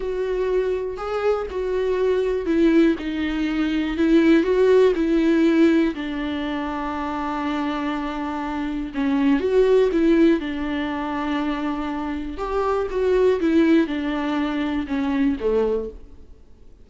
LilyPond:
\new Staff \with { instrumentName = "viola" } { \time 4/4 \tempo 4 = 121 fis'2 gis'4 fis'4~ | fis'4 e'4 dis'2 | e'4 fis'4 e'2 | d'1~ |
d'2 cis'4 fis'4 | e'4 d'2.~ | d'4 g'4 fis'4 e'4 | d'2 cis'4 a4 | }